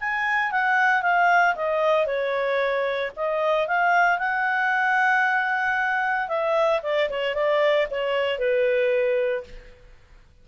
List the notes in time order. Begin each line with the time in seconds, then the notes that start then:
0.00 G#5
0.51 F#5
1.02 F5
1.55 D#5
2.06 C#5
3.16 D#5
3.67 F5
4.18 F#5
6.28 E5
6.82 D5
7.10 C#5
7.34 D5
7.90 C#5
8.38 B4